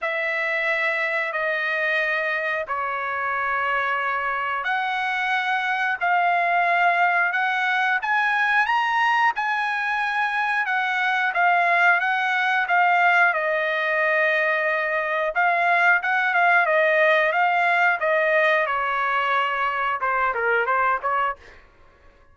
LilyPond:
\new Staff \with { instrumentName = "trumpet" } { \time 4/4 \tempo 4 = 90 e''2 dis''2 | cis''2. fis''4~ | fis''4 f''2 fis''4 | gis''4 ais''4 gis''2 |
fis''4 f''4 fis''4 f''4 | dis''2. f''4 | fis''8 f''8 dis''4 f''4 dis''4 | cis''2 c''8 ais'8 c''8 cis''8 | }